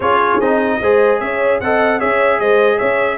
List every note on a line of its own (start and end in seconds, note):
0.00 0.38 C#4
0.00 0.41 F4
0.00 0.79 G#4
0.00 0.40 C#5
0.40 0.80 C4
0.40 0.81 D#4
0.40 1.20 D#5
0.80 1.20 G#3
0.80 1.62 G#4
0.80 1.20 C5
1.20 1.60 C#4
1.20 1.60 C#5
1.20 1.60 E5
1.60 2.00 C4
1.60 1.99 A4
1.60 1.99 D#5
1.60 2.00 F#5
1.99 2.39 C#4
1.99 3.17 G#4
1.99 2.39 C#5
1.99 2.39 E5
2.39 2.79 G#3
2.39 2.77 C5
2.39 2.78 D#5
2.77 3.17 C#4
2.77 3.17 C#5
2.77 3.17 E5